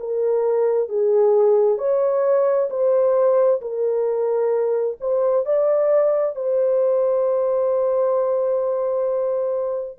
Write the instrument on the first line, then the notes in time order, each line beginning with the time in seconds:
horn
0.00 A#4
0.89 G#4
1.79 C#5
2.70 C5
3.62 A#4
5.01 C5
5.46 D5
6.36 C5